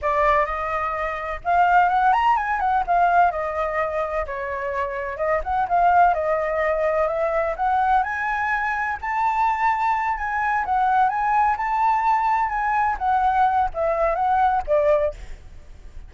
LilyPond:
\new Staff \with { instrumentName = "flute" } { \time 4/4 \tempo 4 = 127 d''4 dis''2 f''4 | fis''8 ais''8 gis''8 fis''8 f''4 dis''4~ | dis''4 cis''2 dis''8 fis''8 | f''4 dis''2 e''4 |
fis''4 gis''2 a''4~ | a''4. gis''4 fis''4 gis''8~ | gis''8 a''2 gis''4 fis''8~ | fis''4 e''4 fis''4 d''4 | }